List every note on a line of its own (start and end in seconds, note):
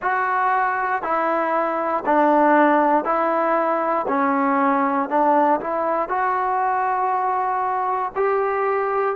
0.02 1.02 F#4
1.02 2.03 E4
2.05 3.04 D4
3.04 4.06 E4
4.08 5.08 C#4
5.08 5.59 D4
5.60 6.08 E4
6.08 8.12 F#4
8.15 9.15 G4